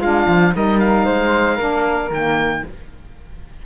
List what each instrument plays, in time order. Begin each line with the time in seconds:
0.00 cello G#3, saxophone D4, flute F4, oboe F5
0.28 cello F3
0.54 cello G3, saxophone D#4, flute A#4, oboe D#5
0.80 oboe F5
1.05 cello G#3, flute C5
1.56 cello A#3, saxophone D4, flute A#4
2.11 cello D#3, saxophone A#3, oboe G5